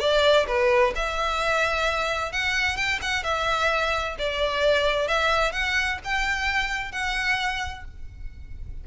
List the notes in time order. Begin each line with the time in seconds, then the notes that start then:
0.00 D5
0.48 B4
0.96 E5
2.33 F#5
2.77 G5
3.02 F#5
3.24 E5
4.19 D5
5.08 E5
5.53 F#5
6.04 G5
6.92 F#5